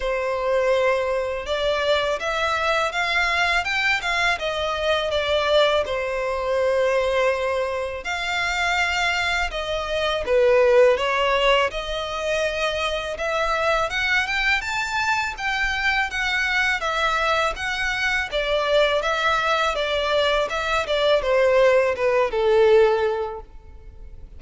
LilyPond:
\new Staff \with { instrumentName = "violin" } { \time 4/4 \tempo 4 = 82 c''2 d''4 e''4 | f''4 g''8 f''8 dis''4 d''4 | c''2. f''4~ | f''4 dis''4 b'4 cis''4 |
dis''2 e''4 fis''8 g''8 | a''4 g''4 fis''4 e''4 | fis''4 d''4 e''4 d''4 | e''8 d''8 c''4 b'8 a'4. | }